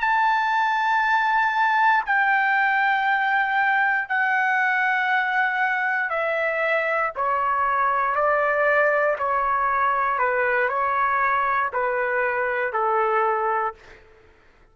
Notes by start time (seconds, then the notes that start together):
0.00 A5
2.05 G5
4.08 F#5
6.09 E5
7.16 C#5
8.15 D5
9.18 C#5
10.18 B4
10.69 C#5
11.72 B4
12.73 A4